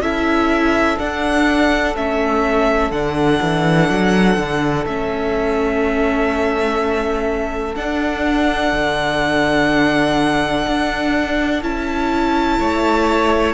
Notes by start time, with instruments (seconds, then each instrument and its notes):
0.00 cello C#4, viola E4, violin A4 E5
0.98 viola D4, cello D4, violin F#5
1.95 cello A3, viola C#4, violin E5
2.91 cello D3, viola D4, violin F#5
3.42 cello E3
3.90 cello F#3
4.37 cello D3
4.85 cello A3, viola C#4, violin E5
7.76 viola D4, cello D4, violin F#5
8.73 cello D3
10.67 cello D4
11.62 cello C#4, viola E4, violin A5
12.59 cello A3, violin C#5